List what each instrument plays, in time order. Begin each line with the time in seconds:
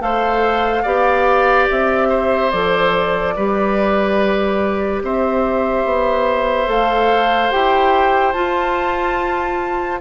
0.00 bassoon A3, clarinet A4, oboe C5, flute F5
0.83 bassoon B3, clarinet G4, oboe D5
1.70 bassoon C4, flute E5
2.09 oboe C5
2.51 bassoon F3, clarinet A4, flute D5
3.36 bassoon G3, clarinet G4, oboe B4
5.02 bassoon C4, oboe C5, flute E5
5.85 bassoon B3
6.66 bassoon A3, clarinet A4, flute F5
7.51 bassoon E4, clarinet G4, flute G5
8.33 clarinet F4, bassoon F4, flute A5